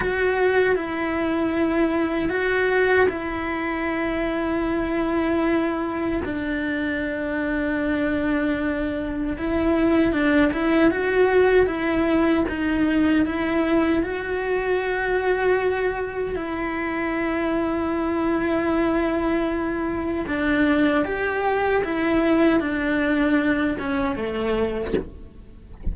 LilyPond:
\new Staff \with { instrumentName = "cello" } { \time 4/4 \tempo 4 = 77 fis'4 e'2 fis'4 | e'1 | d'1 | e'4 d'8 e'8 fis'4 e'4 |
dis'4 e'4 fis'2~ | fis'4 e'2.~ | e'2 d'4 g'4 | e'4 d'4. cis'8 a4 | }